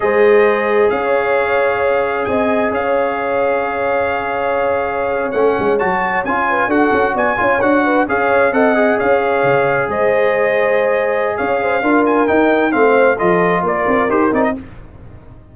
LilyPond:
<<
  \new Staff \with { instrumentName = "trumpet" } { \time 4/4 \tempo 4 = 132 dis''2 f''2~ | f''4 gis''4 f''2~ | f''2.~ f''8. fis''16~ | fis''8. a''4 gis''4 fis''4 gis''16~ |
gis''8. fis''4 f''4 fis''4 f''16~ | f''4.~ f''16 dis''2~ dis''16~ | dis''4 f''4. gis''8 g''4 | f''4 dis''4 d''4 c''8 d''16 dis''16 | }
  \new Staff \with { instrumentName = "horn" } { \time 4/4 c''2 cis''2~ | cis''4 dis''4 cis''2~ | cis''1~ | cis''2~ cis''16 b'8 a'4 d''16~ |
d''16 cis''4 b'8 cis''4 dis''4 cis''16~ | cis''4.~ cis''16 c''2~ c''16~ | c''4 cis''8 c''8 ais'2 | c''4 a'4 ais'2 | }
  \new Staff \with { instrumentName = "trombone" } { \time 4/4 gis'1~ | gis'1~ | gis'2.~ gis'8. cis'16~ | cis'8. fis'4 f'4 fis'4~ fis'16~ |
fis'16 f'8 fis'4 gis'4 a'8 gis'8.~ | gis'1~ | gis'2 f'4 dis'4 | c'4 f'2 g'8 dis'8 | }
  \new Staff \with { instrumentName = "tuba" } { \time 4/4 gis2 cis'2~ | cis'4 c'4 cis'2~ | cis'2.~ cis'8. a16~ | a16 gis8 fis4 cis'4 d'8 cis'8 b16~ |
b16 cis'8 d'4 cis'4 c'4 cis'16~ | cis'8. cis4 gis2~ gis16~ | gis4 cis'4 d'4 dis'4 | a4 f4 ais8 c'8 dis'8 c'8 | }
>>